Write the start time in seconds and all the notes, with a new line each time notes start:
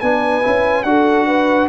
0.00 B3 D4 B4 G#5
0.42 C#4 E4
0.83 D4 F#4 A4 F#5
1.26 B4